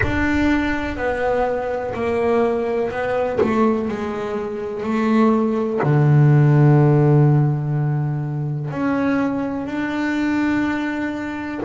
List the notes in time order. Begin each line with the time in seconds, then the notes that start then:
0.02 D4
0.96 B3
1.94 A#3
2.90 B3
3.40 A3
3.88 G#3
4.83 A3
5.82 D3
8.71 C#4
9.66 D4